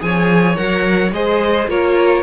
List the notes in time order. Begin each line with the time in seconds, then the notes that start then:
0.00 F3 G#4 C#5 G#5
0.56 F#3 A#4 F#5
1.12 G#3 G#4 C5 D#5
1.68 A#3 F4 A#4 C#5